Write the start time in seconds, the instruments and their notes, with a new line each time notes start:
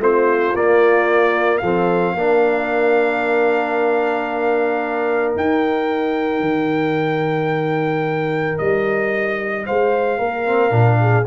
0.00 tuba A3, trombone C4, horn F4, trumpet C5
0.55 tuba A#3, trombone A#3, trumpet D5
1.58 tuba F3, trombone C4, horn A4, trumpet F5
2.15 tuba A#3, trombone D4, horn A#4
5.36 tuba D#4, trombone D#4, trumpet G5
6.41 tuba D#3
8.59 tuba G3, trumpet D#5
9.66 tuba G#3, horn C5, trumpet F5
10.19 tuba A#3, horn A#4
10.46 trombone C4
10.71 tuba A#2, trombone D4
11.01 horn G#4